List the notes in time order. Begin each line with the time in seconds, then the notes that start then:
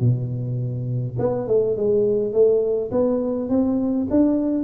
0.00 B2
1.19 B3
1.47 A3
1.77 G#3
2.32 A3
2.91 B3
3.49 C4
4.10 D4